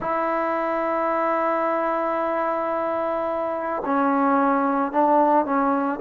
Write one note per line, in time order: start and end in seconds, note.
0.00 3.82 E4
3.85 4.92 C#4
4.92 5.45 D4
5.45 5.99 C#4